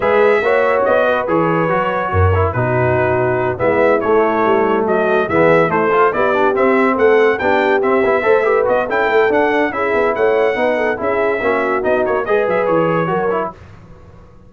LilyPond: <<
  \new Staff \with { instrumentName = "trumpet" } { \time 4/4 \tempo 4 = 142 e''2 dis''4 cis''4~ | cis''2 b'2~ | b'8 e''4 cis''2 dis''8~ | dis''8 e''4 c''4 d''4 e''8~ |
e''8 fis''4 g''4 e''4.~ | e''8 dis''8 g''4 fis''4 e''4 | fis''2 e''2 | dis''8 cis''8 dis''8 e''8 cis''2 | }
  \new Staff \with { instrumentName = "horn" } { \time 4/4 b'4 cis''4. b'4.~ | b'4 ais'4 fis'2~ | fis'8 e'2. fis'8~ | fis'8 gis'4 e'8 a'8 g'4.~ |
g'8 a'4 g'2 c''8 | b'4 a'2 gis'4 | cis''4 b'8 a'8 gis'4 fis'4~ | fis'4 b'2 ais'4 | }
  \new Staff \with { instrumentName = "trombone" } { \time 4/4 gis'4 fis'2 gis'4 | fis'4. e'8 dis'2~ | dis'8 b4 a2~ a8~ | a8 b4 a8 f'8 e'8 d'8 c'8~ |
c'4. d'4 c'8 e'8 a'8 | g'8 fis'8 e'4 d'4 e'4~ | e'4 dis'4 e'4 cis'4 | dis'4 gis'2 fis'8 e'8 | }
  \new Staff \with { instrumentName = "tuba" } { \time 4/4 gis4 ais4 b4 e4 | fis4 fis,4 b,2~ | b,8 gis4 a4 g4 fis8~ | fis8 e4 a4 b4 c'8~ |
c'8 a4 b4 c'8 b8 a8~ | a8 b8 cis'8 a8 d'4 cis'8 b8 | a4 b4 cis'4 ais4 | b8 ais8 gis8 fis8 e4 fis4 | }
>>